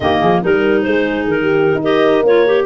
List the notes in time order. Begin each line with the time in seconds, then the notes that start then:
0.00 D#3 A#3 G4 D#5
0.20 F3 G#4
0.42 G3 D#4 A#4
0.82 G#3 G#4 C5
1.27 D#3 A#4
1.41 G4
1.74 D#4
1.80 G4 A#4 D#5
2.22 A#3 F4 C#5
2.46 G4